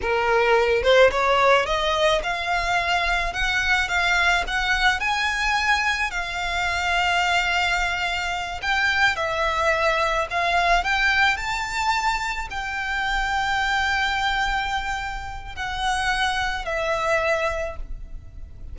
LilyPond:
\new Staff \with { instrumentName = "violin" } { \time 4/4 \tempo 4 = 108 ais'4. c''8 cis''4 dis''4 | f''2 fis''4 f''4 | fis''4 gis''2 f''4~ | f''2.~ f''8 g''8~ |
g''8 e''2 f''4 g''8~ | g''8 a''2 g''4.~ | g''1 | fis''2 e''2 | }